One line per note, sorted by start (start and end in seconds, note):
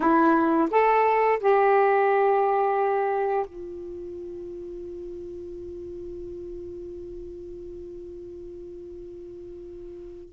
0.00 0.69 E4
0.70 1.39 A4
1.39 3.45 G4
3.45 10.33 F4